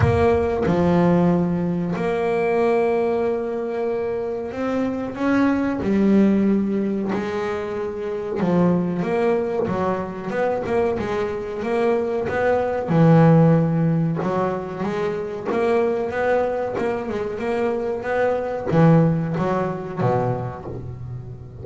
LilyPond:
\new Staff \with { instrumentName = "double bass" } { \time 4/4 \tempo 4 = 93 ais4 f2 ais4~ | ais2. c'4 | cis'4 g2 gis4~ | gis4 f4 ais4 fis4 |
b8 ais8 gis4 ais4 b4 | e2 fis4 gis4 | ais4 b4 ais8 gis8 ais4 | b4 e4 fis4 b,4 | }